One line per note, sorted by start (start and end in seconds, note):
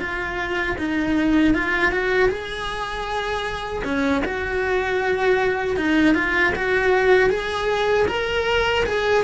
0.00 0.77 F4
0.79 1.55 D#4
1.55 1.92 F4
1.92 2.29 F#4
2.29 3.83 G#4
3.85 4.23 C#4
4.25 5.77 F#4
5.77 6.15 D#4
6.15 6.53 F4
6.56 7.30 F#4
7.30 8.07 G#4
8.08 8.85 A#4
8.86 9.24 G#4